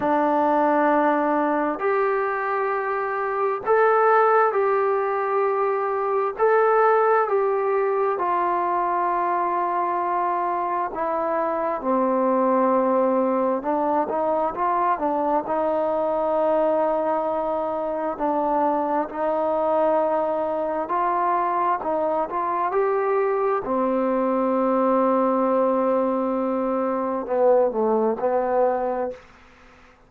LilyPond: \new Staff \with { instrumentName = "trombone" } { \time 4/4 \tempo 4 = 66 d'2 g'2 | a'4 g'2 a'4 | g'4 f'2. | e'4 c'2 d'8 dis'8 |
f'8 d'8 dis'2. | d'4 dis'2 f'4 | dis'8 f'8 g'4 c'2~ | c'2 b8 a8 b4 | }